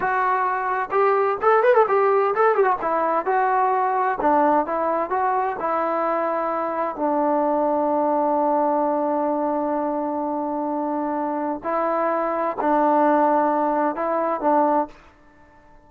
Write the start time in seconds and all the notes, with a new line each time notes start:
0.00 F#4
0.91 G4
1.41 A4
1.63 B4
1.74 A4
1.88 G4
2.35 A4
2.55 G4
2.64 F#4
2.81 E4
3.25 F#4
4.21 D4
4.66 E4
5.10 F#4
5.59 E4
6.96 D4
11.63 E4
12.60 D4
13.95 E4
14.41 D4